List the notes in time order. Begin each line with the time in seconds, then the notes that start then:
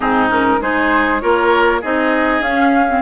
0.00 G#2 C4 D#4 G#4
0.29 C#4 A#4
0.61 G#3 D#4 G#4 C5
1.20 A#3 F4 A#4 C#5
1.81 C4 D#4 G#4 D#5
2.41 C#4 F5
2.88 C4